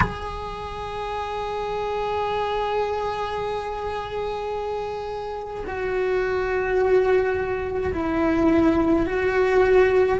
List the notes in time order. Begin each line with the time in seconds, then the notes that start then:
0.00 G#4
5.66 F#4
7.93 E4
9.06 F#4